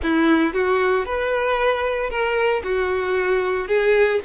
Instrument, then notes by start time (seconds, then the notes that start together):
violin
0.02 E4
0.53 F#4
1.05 B4
2.10 A#4
2.63 F#4
3.67 G#4